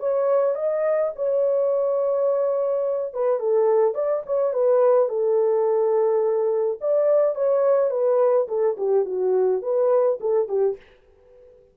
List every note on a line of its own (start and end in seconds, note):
0.00 0.56 C#5
0.56 1.12 D#5
1.16 3.14 C#5
3.14 3.40 B4
3.40 3.95 A4
3.95 4.23 D5
4.26 4.54 C#5
4.54 5.09 B4
5.09 6.79 A4
6.81 7.36 D5
7.36 7.91 C#5
7.91 8.47 B4
8.48 8.77 A4
8.78 9.05 G4
9.05 9.62 F#4
9.63 10.19 B4
10.21 10.49 A4
10.49 10.77 G4